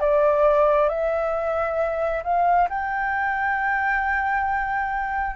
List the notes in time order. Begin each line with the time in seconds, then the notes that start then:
0.00 D5
0.89 E5
2.24 F5
2.69 G5